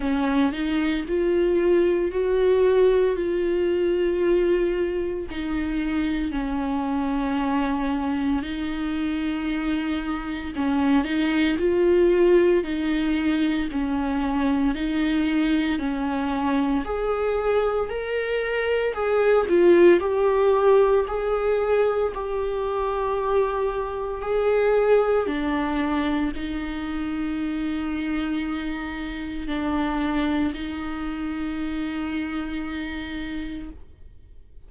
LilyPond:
\new Staff \with { instrumentName = "viola" } { \time 4/4 \tempo 4 = 57 cis'8 dis'8 f'4 fis'4 f'4~ | f'4 dis'4 cis'2 | dis'2 cis'8 dis'8 f'4 | dis'4 cis'4 dis'4 cis'4 |
gis'4 ais'4 gis'8 f'8 g'4 | gis'4 g'2 gis'4 | d'4 dis'2. | d'4 dis'2. | }